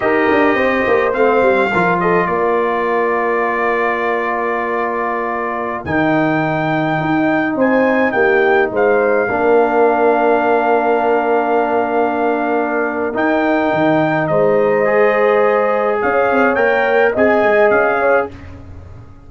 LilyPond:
<<
  \new Staff \with { instrumentName = "trumpet" } { \time 4/4 \tempo 4 = 105 dis''2 f''4. dis''8 | d''1~ | d''2~ d''16 g''4.~ g''16~ | g''4~ g''16 gis''4 g''4 f''8.~ |
f''1~ | f''2. g''4~ | g''4 dis''2. | f''4 g''4 gis''4 f''4 | }
  \new Staff \with { instrumentName = "horn" } { \time 4/4 ais'4 c''2 ais'8 a'8 | ais'1~ | ais'1~ | ais'4~ ais'16 c''4 g'4 c''8.~ |
c''16 ais'2.~ ais'8.~ | ais'1~ | ais'4 c''2. | cis''2 dis''4. cis''8 | }
  \new Staff \with { instrumentName = "trombone" } { \time 4/4 g'2 c'4 f'4~ | f'1~ | f'2~ f'16 dis'4.~ dis'16~ | dis'1~ |
dis'16 d'2.~ d'8.~ | d'2. dis'4~ | dis'2 gis'2~ | gis'4 ais'4 gis'2 | }
  \new Staff \with { instrumentName = "tuba" } { \time 4/4 dis'8 d'8 c'8 ais8 a8 g8 f4 | ais1~ | ais2~ ais16 dis4.~ dis16~ | dis16 dis'4 c'4 ais4 gis8.~ |
gis16 ais2.~ ais8.~ | ais2. dis'4 | dis4 gis2. | cis'8 c'8 ais4 c'8 gis8 cis'4 | }
>>